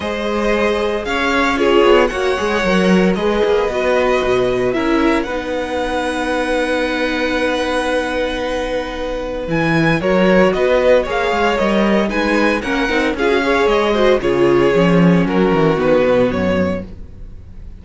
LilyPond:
<<
  \new Staff \with { instrumentName = "violin" } { \time 4/4 \tempo 4 = 114 dis''2 f''4 cis''4 | fis''2 dis''2~ | dis''4 e''4 fis''2~ | fis''1~ |
fis''2 gis''4 cis''4 | dis''4 f''4 dis''4 gis''4 | fis''4 f''4 dis''4 cis''4~ | cis''4 ais'4 b'4 cis''4 | }
  \new Staff \with { instrumentName = "violin" } { \time 4/4 c''2 cis''4 gis'4 | cis''2 b'2~ | b'4 ais'4 b'2~ | b'1~ |
b'2. ais'4 | b'4 cis''2 b'4 | ais'4 gis'8 cis''4 c''8 gis'4~ | gis'4 fis'2. | }
  \new Staff \with { instrumentName = "viola" } { \time 4/4 gis'2. f'4 | fis'8 gis'8 ais'4 gis'4 fis'4~ | fis'4 e'4 dis'2~ | dis'1~ |
dis'2 e'4 fis'4~ | fis'4 gis'4 ais'4 dis'4 | cis'8 dis'8 f'16 fis'16 gis'4 fis'8 f'4 | cis'2 b2 | }
  \new Staff \with { instrumentName = "cello" } { \time 4/4 gis2 cis'4. b8 | ais8 gis8 fis4 gis8 ais8 b4 | b,4 cis'4 b2~ | b1~ |
b2 e4 fis4 | b4 ais8 gis8 g4 gis4 | ais8 c'8 cis'4 gis4 cis4 | f4 fis8 e8 dis8 b,8 fis,4 | }
>>